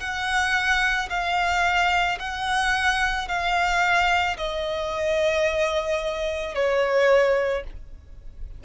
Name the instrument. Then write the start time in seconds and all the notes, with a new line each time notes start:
violin
0.00 F#5
1.10 F5
2.20 F#5
3.28 F5
4.37 D#5
6.55 C#5